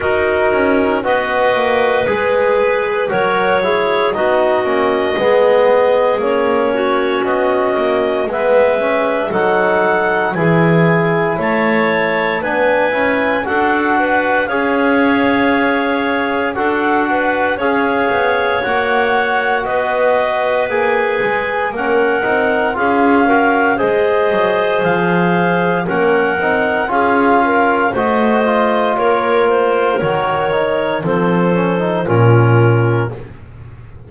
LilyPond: <<
  \new Staff \with { instrumentName = "clarinet" } { \time 4/4 \tempo 4 = 58 ais'4 dis''4 b'4 cis''4 | dis''2 cis''4 dis''4 | e''4 fis''4 gis''4 a''4 | gis''4 fis''4 f''2 |
fis''4 f''4 fis''4 dis''4 | gis''4 fis''4 f''4 dis''4 | f''4 fis''4 f''4 dis''4 | cis''8 c''8 cis''4 c''4 ais'4 | }
  \new Staff \with { instrumentName = "clarinet" } { \time 4/4 fis'4 b'2 ais'8 gis'8 | fis'4 gis'4. fis'4. | b'4 a'4 gis'4 cis''4 | b'4 a'8 b'8 cis''2 |
a'8 b'8 cis''2 b'4~ | b'4 ais'4 gis'8 ais'8 c''4~ | c''4 ais'4 gis'8 ais'8 c''4 | ais'2 a'4 f'4 | }
  \new Staff \with { instrumentName = "trombone" } { \time 4/4 dis'4 fis'4 gis'4 fis'8 e'8 | dis'8 cis'8 b4 cis'2 | b8 cis'8 dis'4 e'2 | d'8 e'8 fis'4 gis'2 |
fis'4 gis'4 fis'2 | gis'4 cis'8 dis'8 f'8 fis'8 gis'4~ | gis'4 cis'8 dis'8 f'4 fis'8 f'8~ | f'4 fis'8 dis'8 c'8 cis'16 dis'16 cis'4 | }
  \new Staff \with { instrumentName = "double bass" } { \time 4/4 dis'8 cis'8 b8 ais8 gis4 fis4 | b8 ais8 gis4 ais4 b8 ais8 | gis4 fis4 e4 a4 | b8 cis'8 d'4 cis'2 |
d'4 cis'8 b8 ais4 b4 | ais8 gis8 ais8 c'8 cis'4 gis8 fis8 | f4 ais8 c'8 cis'4 a4 | ais4 dis4 f4 ais,4 | }
>>